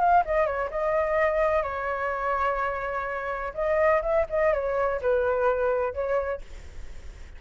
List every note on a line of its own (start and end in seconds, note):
0.00 0.24 F5
0.26 0.46 D#5
0.46 0.70 C#5
0.71 1.63 D#5
1.63 3.53 C#5
3.54 4.02 D#5
4.02 4.26 E5
4.30 4.53 D#5
4.53 5.01 C#5
5.02 5.94 B4
5.94 6.42 C#5